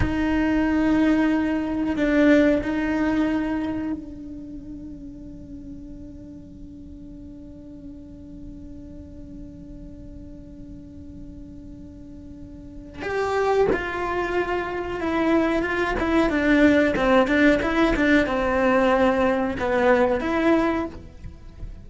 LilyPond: \new Staff \with { instrumentName = "cello" } { \time 4/4 \tempo 4 = 92 dis'2. d'4 | dis'2 d'2~ | d'1~ | d'1~ |
d'1 | g'4 f'2 e'4 | f'8 e'8 d'4 c'8 d'8 e'8 d'8 | c'2 b4 e'4 | }